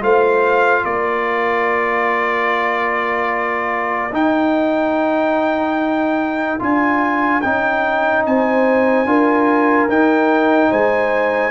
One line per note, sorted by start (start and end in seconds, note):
0.00 0.85 A3
0.00 4.11 F4
0.00 0.84 C5
0.00 0.85 F5
0.84 4.13 A#3
0.84 8.24 A#4
0.84 4.14 D5
4.13 6.59 D#4
4.13 6.61 G5
6.60 7.44 D4
6.60 7.42 F4
6.60 7.41 G#5
7.41 8.26 C#4
7.41 9.07 D#4
7.41 8.24 G5
8.26 9.05 C4
8.26 9.09 C5
8.26 9.90 G#5
9.05 9.87 D4
9.05 9.89 F4
9.05 10.70 A#4
9.88 10.71 D#4
9.88 11.51 D#4
9.88 10.72 G5
10.70 11.51 G#3
10.70 11.51 C5
10.70 11.51 G#5